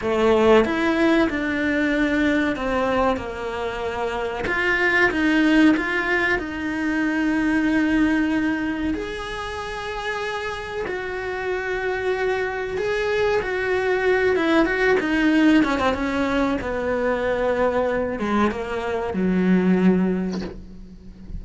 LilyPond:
\new Staff \with { instrumentName = "cello" } { \time 4/4 \tempo 4 = 94 a4 e'4 d'2 | c'4 ais2 f'4 | dis'4 f'4 dis'2~ | dis'2 gis'2~ |
gis'4 fis'2. | gis'4 fis'4. e'8 fis'8 dis'8~ | dis'8 cis'16 c'16 cis'4 b2~ | b8 gis8 ais4 fis2 | }